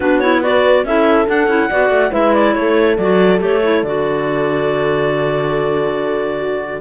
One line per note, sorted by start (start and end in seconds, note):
0.00 0.84 B3
0.00 0.22 D4
0.00 0.41 F#4
0.00 0.19 B4
0.19 0.43 E4
0.19 0.41 C#5
0.43 0.85 F#4
0.43 0.85 B4
0.43 0.85 D5
0.84 1.26 C#4
0.84 1.26 E4
0.84 1.70 A4
0.84 1.28 E5
1.26 1.47 D4
1.26 2.12 F#5
1.47 1.68 C#4
1.47 1.69 E4
1.70 1.90 B3
1.70 2.10 F#4
1.70 2.11 D5
1.90 2.11 A3
2.10 2.55 G#3
2.10 2.95 E4
2.10 2.53 B4
2.10 2.33 E5
2.33 2.53 D5
2.53 2.97 A3
2.53 6.39 A4
2.53 2.96 C#5
2.97 3.40 F#3
2.97 3.38 F#4
2.97 3.39 D5
3.38 3.83 A3
3.38 3.60 G4
3.38 3.84 C#5
3.62 3.84 E4
3.83 6.80 D3
3.83 6.80 F#4
3.83 6.80 D5
6.39 6.80 F#4